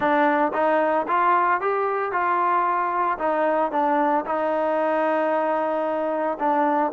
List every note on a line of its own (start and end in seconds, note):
0.00 0.52 D4
0.53 1.06 D#4
1.07 1.60 F4
1.60 2.11 G4
2.11 3.18 F4
3.18 3.71 D#4
3.71 4.24 D4
4.25 6.38 D#4
6.39 6.92 D4